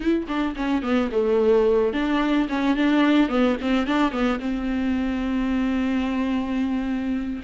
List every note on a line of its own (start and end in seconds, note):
0.00 0.26 E4
0.27 0.55 D4
0.56 0.82 C#4
0.82 1.10 B3
1.11 1.93 A3
1.93 2.48 D4
2.48 2.76 C#4
2.76 3.28 D4
3.28 3.56 B3
3.61 3.87 C4
3.87 4.11 D4
4.11 4.39 B3
4.39 7.42 C4